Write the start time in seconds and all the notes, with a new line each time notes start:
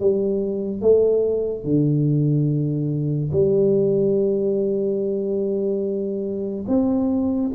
0.00 G3
0.81 A3
1.64 D3
3.32 G3
6.67 C4